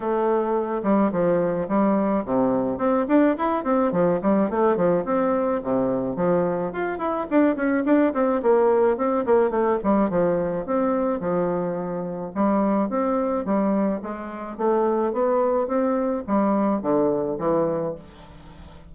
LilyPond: \new Staff \with { instrumentName = "bassoon" } { \time 4/4 \tempo 4 = 107 a4. g8 f4 g4 | c4 c'8 d'8 e'8 c'8 f8 g8 | a8 f8 c'4 c4 f4 | f'8 e'8 d'8 cis'8 d'8 c'8 ais4 |
c'8 ais8 a8 g8 f4 c'4 | f2 g4 c'4 | g4 gis4 a4 b4 | c'4 g4 d4 e4 | }